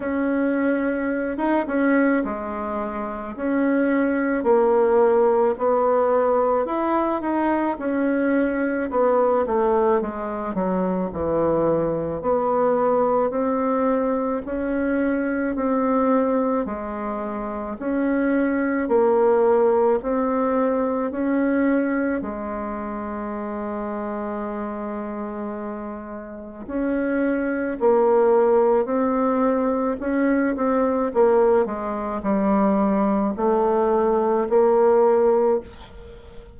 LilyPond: \new Staff \with { instrumentName = "bassoon" } { \time 4/4 \tempo 4 = 54 cis'4~ cis'16 dis'16 cis'8 gis4 cis'4 | ais4 b4 e'8 dis'8 cis'4 | b8 a8 gis8 fis8 e4 b4 | c'4 cis'4 c'4 gis4 |
cis'4 ais4 c'4 cis'4 | gis1 | cis'4 ais4 c'4 cis'8 c'8 | ais8 gis8 g4 a4 ais4 | }